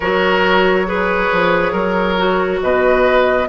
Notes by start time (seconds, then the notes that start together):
0.00 F#3 F#4 A#4 C#5
0.85 G#4 B4
1.32 F3
1.72 F#3 A#4
2.17 F#4
2.62 B2 B4 D#5